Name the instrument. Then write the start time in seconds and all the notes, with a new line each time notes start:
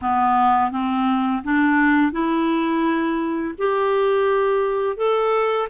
clarinet
0.01 B3
0.71 C4
1.44 D4
2.12 E4
3.58 G4
4.96 A4